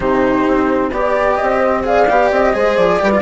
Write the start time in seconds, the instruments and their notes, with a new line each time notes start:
0.00 bassoon C3, cello D#4, horn G4, flute C5
0.47 bassoon C4
0.91 bassoon B3, cello G4, horn D5, flute D5
1.36 flute D#5
1.42 bassoon C4
1.58 horn C5
1.83 cello G#4, horn D5, flute F5
2.09 bassoon B3, cello G4
2.31 bassoon C4, flute D#5
2.53 bassoon G#3, cello G#4, horn C5
2.76 bassoon F3, flute D5
2.99 bassoon G3, cello G4, horn B4
3.11 cello F4